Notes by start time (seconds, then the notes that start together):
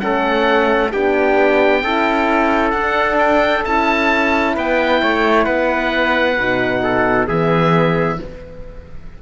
0.00 A3 C#4 A4 F#5
0.91 B3 D4 G4 G5
1.83 C#4 E4 A4
2.70 D4 F#5
3.19 G5
3.63 C#4 E4 A5
4.55 B3 B4 G5
5.02 A3 C#5
5.44 B3 B4 F#5
6.39 B2 D#4
6.83 A4
7.28 E3 B3 G#4 E5